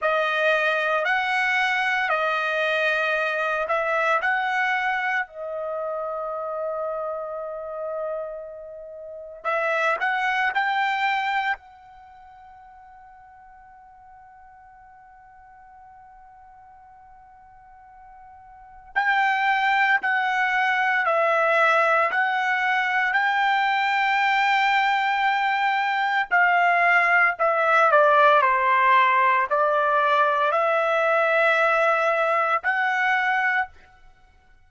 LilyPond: \new Staff \with { instrumentName = "trumpet" } { \time 4/4 \tempo 4 = 57 dis''4 fis''4 dis''4. e''8 | fis''4 dis''2.~ | dis''4 e''8 fis''8 g''4 fis''4~ | fis''1~ |
fis''2 g''4 fis''4 | e''4 fis''4 g''2~ | g''4 f''4 e''8 d''8 c''4 | d''4 e''2 fis''4 | }